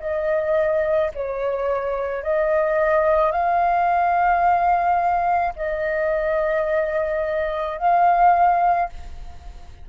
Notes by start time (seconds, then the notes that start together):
0.00 D#5
1.15 C#5
2.23 D#5
3.31 F5
5.56 D#5
7.78 F5